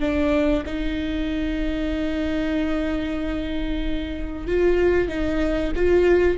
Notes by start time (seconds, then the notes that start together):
0.00 D4
0.66 D#4
4.47 F4
5.09 D#4
5.76 F4